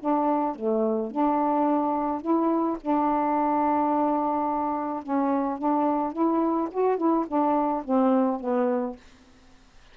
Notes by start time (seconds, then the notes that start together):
0.00 D4
0.55 A3
1.11 D4
2.21 E4
2.81 D4
5.03 C#4
5.58 D4
6.12 E4
6.71 F#4
6.97 E4
7.27 D4
7.84 C4
8.40 B3